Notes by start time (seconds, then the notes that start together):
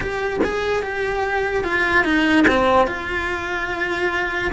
0.00 G4
0.44 G#4
0.82 G4
1.64 F4
2.04 D#4
2.47 C4
2.87 F4